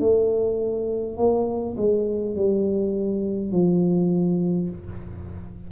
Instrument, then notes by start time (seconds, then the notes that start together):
tuba
0.00 A3
1.18 A#3
1.78 G#3
2.36 G3
3.52 F3